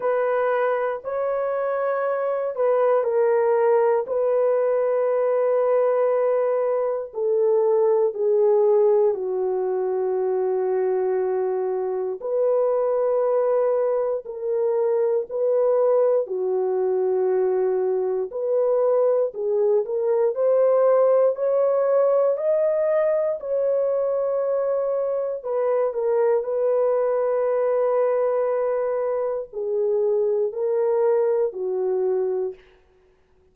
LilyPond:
\new Staff \with { instrumentName = "horn" } { \time 4/4 \tempo 4 = 59 b'4 cis''4. b'8 ais'4 | b'2. a'4 | gis'4 fis'2. | b'2 ais'4 b'4 |
fis'2 b'4 gis'8 ais'8 | c''4 cis''4 dis''4 cis''4~ | cis''4 b'8 ais'8 b'2~ | b'4 gis'4 ais'4 fis'4 | }